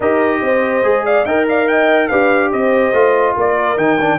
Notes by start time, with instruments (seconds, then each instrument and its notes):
0.00 tuba D#4, trombone G4, horn A#4, trumpet D#5
0.41 tuba C4, horn C5
0.83 tuba G#3, trombone G#4
1.05 horn D5, trumpet F5
1.25 tuba D#4, trombone A#4, horn D#5, trumpet G5
1.48 horn D5, trumpet F5
1.68 horn D#5, trumpet G5
2.08 tuba D4, trombone G4, horn B4, trumpet F5
2.51 tuba C4, horn C5, trumpet D#5
2.92 tuba A3, trombone F4
3.36 tuba A#3, horn A#4, trumpet D5
3.76 tuba D#3, trombone D#4, trumpet G5
4.00 trombone D4